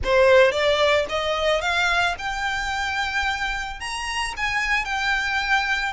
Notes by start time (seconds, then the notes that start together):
0.04 C5
0.51 D5
1.09 D#5
1.61 F5
2.18 G5
3.80 A#5
4.36 G#5
4.85 G5